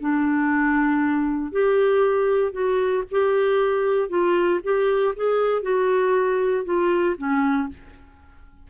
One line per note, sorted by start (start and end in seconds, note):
0.00 1.52 D4
1.52 2.52 G4
2.52 3.03 F#4
3.11 4.09 G4
4.09 4.60 F4
4.63 5.14 G4
5.16 5.62 G#4
5.62 6.64 F#4
6.64 7.16 F4
7.17 7.68 C#4